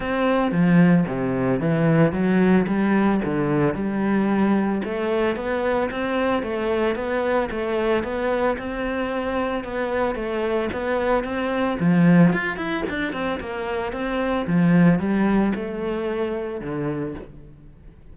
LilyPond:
\new Staff \with { instrumentName = "cello" } { \time 4/4 \tempo 4 = 112 c'4 f4 c4 e4 | fis4 g4 d4 g4~ | g4 a4 b4 c'4 | a4 b4 a4 b4 |
c'2 b4 a4 | b4 c'4 f4 f'8 e'8 | d'8 c'8 ais4 c'4 f4 | g4 a2 d4 | }